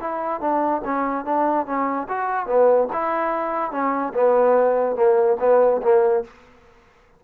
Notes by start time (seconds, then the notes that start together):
0.00 E4
0.40 D4
0.84 C#4
1.25 D4
1.66 C#4
2.08 F#4
2.46 B3
2.92 E4
3.71 C#4
4.13 B3
4.95 A#3
5.40 B3
5.82 A#3